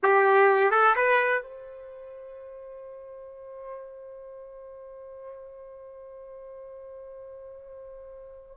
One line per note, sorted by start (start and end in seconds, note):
0.02 0.70 G4
0.70 0.94 A4
0.95 1.42 B4
1.42 8.56 C5